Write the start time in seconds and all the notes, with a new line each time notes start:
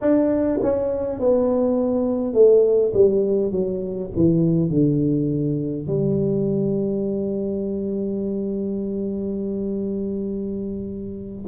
0.01 D4
0.62 C#4
1.19 B3
2.33 A3
2.94 G3
3.51 F#3
4.16 E3
4.69 D3
5.87 G3